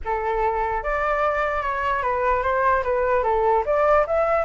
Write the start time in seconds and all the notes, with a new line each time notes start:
0.04 A4
0.83 D5
1.61 C#5
2.02 B4
2.42 C5
2.83 B4
3.23 A4
3.65 D5
4.06 E5